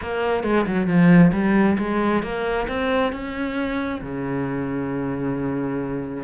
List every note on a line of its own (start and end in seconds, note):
0.01 0.43 A#3
0.43 0.65 G#3
0.66 0.87 F#3
0.87 1.31 F3
1.32 1.77 G3
1.78 2.22 G#3
2.22 2.67 A#3
2.68 3.12 C4
3.12 4.01 C#4
4.01 6.23 C#3